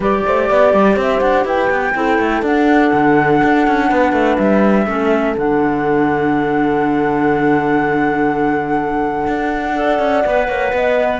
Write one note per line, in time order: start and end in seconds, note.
0.00 0.21 G3
0.00 1.94 G4
0.00 0.23 B4
0.00 0.99 D5
0.26 0.50 A3
0.26 0.49 C5
0.49 0.73 B3
0.49 0.96 D5
0.73 0.96 G3
0.96 1.21 C4
0.96 1.45 C5
0.96 1.20 E5
1.20 1.44 D4
1.20 1.44 F#5
1.44 1.69 E4
1.44 1.94 B4
1.44 2.44 G5
1.70 1.94 B3
1.94 2.18 C4
1.94 2.43 E4
1.94 3.88 A4
2.18 2.42 A3
2.42 2.91 D4
2.42 4.86 D4
2.42 4.37 F#5
2.92 3.41 D3
3.43 3.67 D4
3.67 3.91 C#4
3.88 4.12 B3
3.88 4.85 B4
4.12 4.36 A3
4.37 4.86 G3
4.37 5.35 E5
4.86 5.35 A3
4.86 5.35 C#4
4.86 9.76 A4
5.37 9.27 D3
5.37 9.75 D4
5.37 11.20 F#5
9.27 9.99 D4
9.75 10.24 A4
9.75 10.48 D5
9.99 10.23 C#4
10.24 10.48 B3
10.24 11.20 B4
10.48 10.72 A#3
10.48 10.72 C#5
10.73 11.20 B3
10.73 11.20 D#5